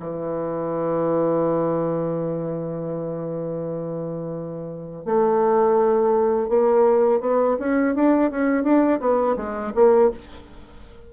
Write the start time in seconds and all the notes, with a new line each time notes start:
0.00 E3
5.06 A3
6.49 A#3
7.21 B3
7.60 C#4
7.96 D4
8.31 C#4
8.64 D4
9.00 B3
9.37 G#3
9.75 A#3